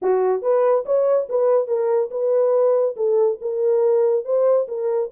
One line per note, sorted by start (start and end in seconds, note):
0.02 0.42 F#4
0.42 0.84 B4
0.85 1.28 C#5
1.29 1.67 B4
1.67 2.10 A#4
2.10 2.95 B4
2.96 3.38 A4
3.41 4.24 A#4
4.24 4.67 C5
4.68 5.10 A#4